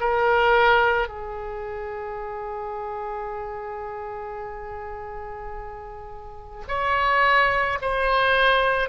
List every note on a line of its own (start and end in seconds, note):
0.00 1.09 A#4
1.09 6.64 G#4
6.68 7.79 C#5
7.81 8.89 C5